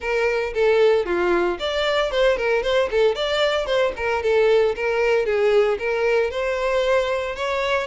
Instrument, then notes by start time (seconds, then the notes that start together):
violin
0.00 A#4
0.54 A4
1.05 F4
1.59 D5
2.11 C5
2.37 A#4
2.62 C5
2.90 A4
3.15 D5
3.66 C5
3.96 A#4
4.22 A4
4.75 A#4
5.25 G#4
5.78 A#4
6.30 C5
7.35 C#5